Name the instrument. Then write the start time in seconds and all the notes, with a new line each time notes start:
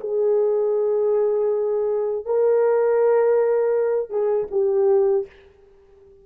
horn
0.00 G#4
2.25 A#4
4.09 G#4
4.51 G4